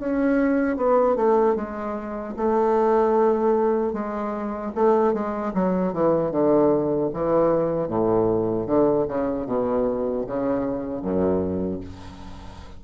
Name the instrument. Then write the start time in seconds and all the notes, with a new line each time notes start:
bassoon
0.00 C#4
0.77 B3
1.16 A3
1.56 G#3
2.37 A3
3.93 G#3
4.76 A3
5.14 G#3
5.54 F#3
5.94 E3
6.32 D3
7.14 E3
7.88 A2
8.67 D3
9.08 C#3
9.47 B2
10.27 C#3
11.02 F#2